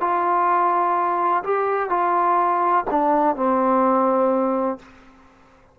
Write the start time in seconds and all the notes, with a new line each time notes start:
0.00 F4
1.43 G4
1.89 F4
2.90 D4
3.35 C4